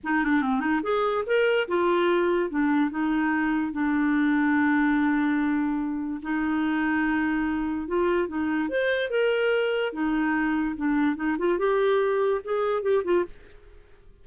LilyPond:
\new Staff \with { instrumentName = "clarinet" } { \time 4/4 \tempo 4 = 145 dis'8 d'8 c'8 dis'8 gis'4 ais'4 | f'2 d'4 dis'4~ | dis'4 d'2.~ | d'2. dis'4~ |
dis'2. f'4 | dis'4 c''4 ais'2 | dis'2 d'4 dis'8 f'8 | g'2 gis'4 g'8 f'8 | }